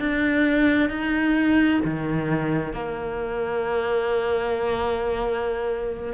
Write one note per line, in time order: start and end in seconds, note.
0.00 0.90 D4
0.90 1.81 D#4
1.85 2.73 D#3
2.73 6.14 A#3